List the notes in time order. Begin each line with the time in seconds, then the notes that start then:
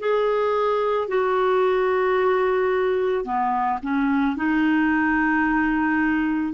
0.00 G#4
1.08 F#4
3.24 B3
3.83 C#4
4.37 D#4